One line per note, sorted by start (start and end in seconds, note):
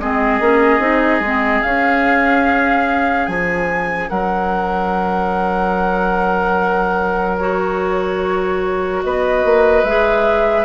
0.00 0.40 G#3
0.00 0.41 C4
0.00 4.10 G#4
0.00 1.62 D#5
0.40 0.79 A#3
0.40 0.80 C#4
0.79 1.20 C4
0.79 1.22 D#4
1.20 1.61 G#3
1.20 1.66 C4
1.62 3.28 C#4
1.62 7.40 C#4
1.62 3.27 F5
3.27 4.10 F3
3.27 4.09 G#5
4.09 9.04 F#3
4.09 9.03 A#4
4.09 7.38 F#5
7.39 9.87 F#4
7.39 9.03 C#5
9.04 9.44 B3
9.04 10.66 B4
9.04 9.85 D#5
9.44 9.84 A#3
9.84 10.66 G#3
9.84 10.66 G#4
9.84 10.66 E5